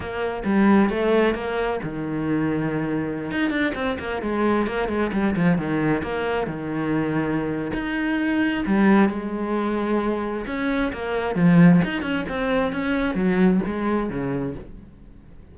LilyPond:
\new Staff \with { instrumentName = "cello" } { \time 4/4 \tempo 4 = 132 ais4 g4 a4 ais4 | dis2.~ dis16 dis'8 d'16~ | d'16 c'8 ais8 gis4 ais8 gis8 g8 f16~ | f16 dis4 ais4 dis4.~ dis16~ |
dis4 dis'2 g4 | gis2. cis'4 | ais4 f4 dis'8 cis'8 c'4 | cis'4 fis4 gis4 cis4 | }